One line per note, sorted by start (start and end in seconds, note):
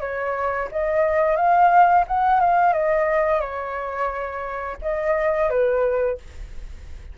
0.00 0.68 C#5
0.72 1.36 D#5
1.36 2.05 F5
2.07 2.40 F#5
2.40 2.73 F5
2.73 3.41 D#5
3.41 4.77 C#5
4.82 5.50 D#5
5.50 6.18 B4